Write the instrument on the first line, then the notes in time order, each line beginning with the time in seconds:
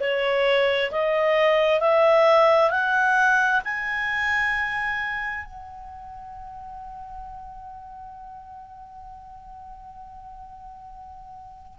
clarinet
0.00 C#5
0.91 D#5
1.80 E5
2.70 F#5
3.64 G#5
5.45 F#5